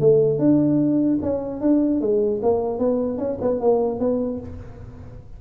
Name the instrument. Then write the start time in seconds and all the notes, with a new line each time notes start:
tuba
0.00 A3
0.39 D4
1.22 C#4
1.61 D4
2.01 G#3
2.43 A#3
2.79 B3
3.18 C#4
3.41 B3
3.61 A#3
3.99 B3